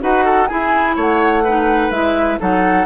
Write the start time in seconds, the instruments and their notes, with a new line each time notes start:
0.00 bassoon D#4, clarinet F#4, oboe B4, flute F#5
0.24 oboe A4
0.47 clarinet E4, bassoon E4, oboe G#4, flute G#5
0.96 bassoon A3, oboe C#5, flute F#5
1.44 clarinet D#4, oboe B4
1.90 bassoon G#3, clarinet E4, flute E5
2.39 bassoon F#3, clarinet D#4, oboe A4, flute F#5